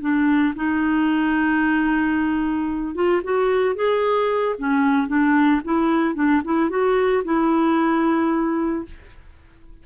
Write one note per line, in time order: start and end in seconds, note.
0.00 0.54 D4
0.55 2.95 D#4
2.95 3.21 F4
3.23 3.75 F#4
3.75 4.55 G#4
4.58 5.07 C#4
5.07 5.61 D4
5.64 6.15 E4
6.15 6.41 D4
6.44 6.69 E4
6.69 7.23 F#4
7.24 8.85 E4